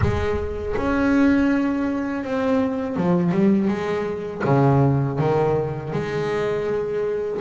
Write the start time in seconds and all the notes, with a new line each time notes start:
0.01 G#3
0.76 C#4
2.23 C4
2.96 F3
3.31 G3
3.67 G#3
4.44 C#3
5.19 D#3
5.93 G#3